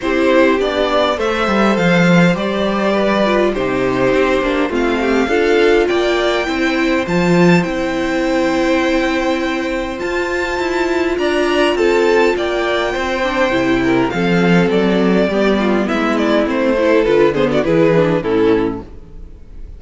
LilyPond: <<
  \new Staff \with { instrumentName = "violin" } { \time 4/4 \tempo 4 = 102 c''4 d''4 e''4 f''4 | d''2 c''2 | f''2 g''2 | a''4 g''2.~ |
g''4 a''2 ais''4 | a''4 g''2. | f''4 d''2 e''8 d''8 | c''4 b'8 c''16 d''16 b'4 a'4 | }
  \new Staff \with { instrumentName = "violin" } { \time 4/4 g'2 c''2~ | c''4 b'4 g'2 | f'8 g'8 a'4 d''4 c''4~ | c''1~ |
c''2. d''4 | a'4 d''4 c''4. ais'8 | a'2 g'8 f'8 e'4~ | e'8 a'4 gis'16 fis'16 gis'4 e'4 | }
  \new Staff \with { instrumentName = "viola" } { \time 4/4 e'4 d'4 a'2 | g'4. f'8 dis'4. d'8 | c'4 f'2 e'4 | f'4 e'2.~ |
e'4 f'2.~ | f'2~ f'8 d'8 e'4 | c'2 b2 | c'8 e'8 f'8 b8 e'8 d'8 cis'4 | }
  \new Staff \with { instrumentName = "cello" } { \time 4/4 c'4 b4 a8 g8 f4 | g2 c4 c'8 ais8 | a4 d'4 ais4 c'4 | f4 c'2.~ |
c'4 f'4 e'4 d'4 | c'4 ais4 c'4 c4 | f4 fis4 g4 gis4 | a4 d4 e4 a,4 | }
>>